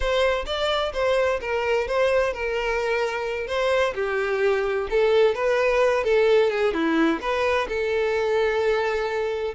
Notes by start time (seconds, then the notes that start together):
0.00 C5
0.46 D5
0.93 C5
1.41 A#4
1.87 C5
2.33 A#4
3.47 C5
3.95 G4
4.89 A4
5.34 B4
6.04 A4
6.50 G#4
6.73 E4
7.21 B4
7.68 A4